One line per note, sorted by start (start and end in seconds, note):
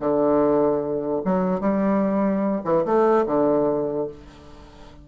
0.00 1.22 D3
1.25 1.60 F#3
1.60 2.62 G3
2.64 2.85 E3
2.85 3.26 A3
3.26 4.07 D3